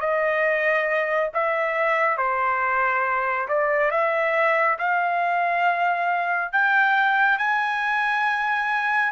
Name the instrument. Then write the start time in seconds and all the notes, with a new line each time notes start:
trumpet
0.00 D#5
1.34 E5
2.17 C5
3.48 D5
3.91 E5
4.79 F5
6.52 G5
7.38 G#5